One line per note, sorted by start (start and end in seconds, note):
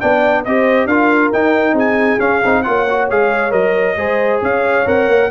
0.00 0.46 B3
0.00 0.45 D4
0.00 0.45 D5
0.00 0.44 G5
0.44 0.85 C4
0.44 0.89 G4
0.44 0.87 C5
0.44 0.87 D#5
0.85 1.30 D4
0.85 1.33 F4
0.85 1.73 A#4
0.85 1.31 F5
1.32 1.73 D#4
1.32 2.19 D#4
1.32 1.77 G5
1.73 2.17 C4
1.73 2.61 G#4
1.73 2.19 G#5
2.19 2.41 C#4
2.19 2.42 C#4
2.19 2.62 F5
2.44 2.67 C4
2.44 2.64 D#4
2.62 3.10 A#3
2.62 2.86 F4
2.62 3.97 C#5
2.62 3.07 F#5
2.89 3.10 F#4
3.10 3.52 G#3
3.10 3.50 G#4
3.10 3.51 F5
3.50 3.96 F#3
3.50 3.94 A#4
3.50 4.40 D#5
3.96 4.40 G#3
3.96 4.85 G#4
3.96 4.41 C5
4.41 4.86 C#4
4.41 5.29 C#5
4.41 4.87 F5
4.85 5.08 C4
4.85 5.29 A#4
4.85 5.30 F#5
5.08 5.30 A#3